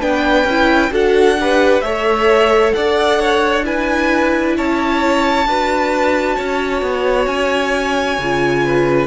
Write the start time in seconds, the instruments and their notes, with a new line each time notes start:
0.00 cello B3, viola D4, violin B4 G5
0.44 cello C#4
0.50 viola E4
0.90 cello D4, viola F#4, violin A4 F#5
1.40 viola G4, violin B4
1.81 cello A3, viola A4, violin C#5 E5
2.73 cello D4, violin D5 F#5
3.19 violin C#5
3.63 viola E4, violin B4 G#5
4.57 cello C#4, violin C#5 A5
5.46 cello D4, viola F#4, violin B4
6.36 cello C#4, violin C#5
6.82 cello B3
7.26 cello C#4, violin G#5
8.18 cello C#3, viola F4
8.64 violin B4